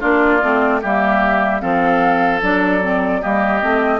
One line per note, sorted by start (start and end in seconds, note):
0.00 0.43 A#3
0.00 0.40 D4
0.00 0.80 F4
0.00 0.82 D5
0.42 0.83 A3
0.42 0.82 C4
0.82 1.62 G3
0.82 1.61 A#3
0.82 1.62 G4
0.82 1.61 E5
1.61 2.42 F3
1.61 2.41 C4
1.61 3.22 A4
1.61 2.41 F5
2.41 3.22 F#3
2.41 2.81 D4
2.41 3.22 D5
2.81 3.21 C4
3.22 3.63 G3
3.22 3.62 A#3
3.22 4.00 G4
3.22 4.00 D#5
3.62 4.00 A3
3.62 4.00 C4